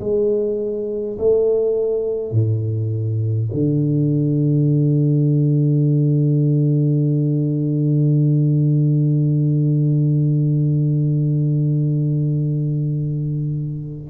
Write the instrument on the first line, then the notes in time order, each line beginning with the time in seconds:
tuba
0.00 G#3
1.18 A3
2.32 A2
3.53 D3